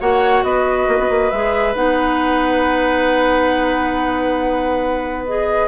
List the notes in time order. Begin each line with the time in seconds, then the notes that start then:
0.00 A#3 F#4 C#5 F#5
0.43 B3 B4 D#5
0.88 A#3
0.99 B3
1.09 A#3
1.31 G#3 G#4 E5
1.75 B3 D#4 F#5
5.26 G#4 D#5